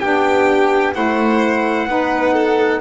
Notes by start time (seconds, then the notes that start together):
0.00 B3 D4 G4 G5
0.94 A3 E4 C5 F#5
1.88 B3 D#4 B4
2.34 A4